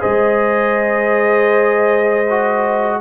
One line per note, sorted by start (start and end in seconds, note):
0.00 3.01 G#3
0.00 2.25 G#4
0.00 3.00 C5
0.00 3.01 D#5
2.30 3.01 F#4